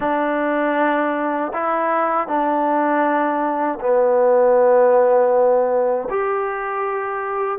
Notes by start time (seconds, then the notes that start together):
0.00 D4
1.53 E4
2.27 D4
3.80 B3
6.10 G4